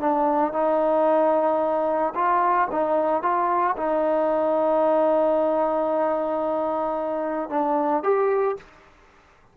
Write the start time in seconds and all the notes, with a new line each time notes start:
0.00 D4
0.53 D#4
2.15 F4
2.71 D#4
3.23 F4
3.77 D#4
7.50 D4
8.03 G4